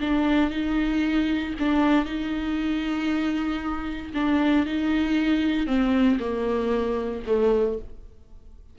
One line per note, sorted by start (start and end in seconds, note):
0.00 0.50 D4
0.50 1.53 D#4
1.59 2.05 D4
2.05 4.12 D#4
4.14 4.66 D4
4.66 5.66 D#4
5.66 6.18 C4
6.19 7.22 A#3
7.26 7.78 A3